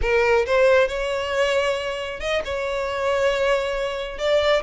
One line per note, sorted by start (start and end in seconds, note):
0.01 0.45 A#4
0.46 0.87 C5
0.87 2.19 C#5
2.19 2.42 D#5
2.44 4.18 C#5
4.18 4.62 D5